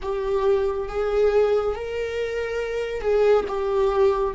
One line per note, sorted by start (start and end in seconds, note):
0.02 0.88 G4
0.88 1.75 G#4
1.75 3.01 A#4
3.01 3.44 G#4
3.48 4.34 G4